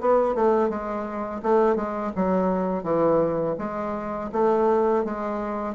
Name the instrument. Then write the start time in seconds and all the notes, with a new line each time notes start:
bassoon
0.00 B3
0.35 A3
0.69 G#3
1.42 A3
1.75 G#3
2.16 F#3
2.83 E3
3.58 G#3
4.32 A3
5.04 G#3